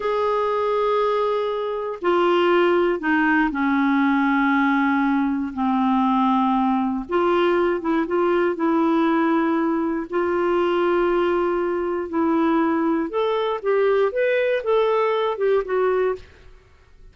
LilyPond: \new Staff \with { instrumentName = "clarinet" } { \time 4/4 \tempo 4 = 119 gis'1 | f'2 dis'4 cis'4~ | cis'2. c'4~ | c'2 f'4. e'8 |
f'4 e'2. | f'1 | e'2 a'4 g'4 | b'4 a'4. g'8 fis'4 | }